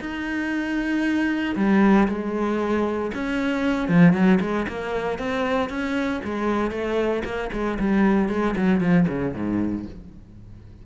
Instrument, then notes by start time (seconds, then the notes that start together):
cello
0.00 D#4
1.55 G3
2.08 G#3
3.14 C#4
3.88 F3
4.13 F#3
4.40 G#3
4.68 A#3
5.18 C4
5.69 C#4
6.24 G#3
6.71 A3
7.24 A#3
7.52 G#3
7.79 G3
8.29 G#3
8.56 F#3
8.80 F3
9.07 C#3
9.33 G#2